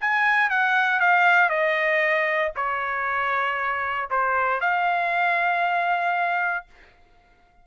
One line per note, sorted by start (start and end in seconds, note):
0.00 0.49 G#5
0.49 0.99 F#5
0.99 1.49 F5
1.49 2.52 D#5
2.55 4.09 C#5
4.10 4.60 C5
4.60 6.65 F5